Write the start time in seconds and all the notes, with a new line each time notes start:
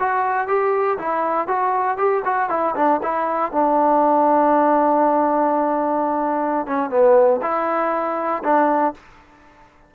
0.00 F#4
0.48 G4
0.99 E4
1.48 F#4
1.98 G4
2.25 F#4
2.50 E4
2.76 D4
3.03 E4
3.52 D4
6.67 C#4
6.90 B3
7.43 E4
8.44 D4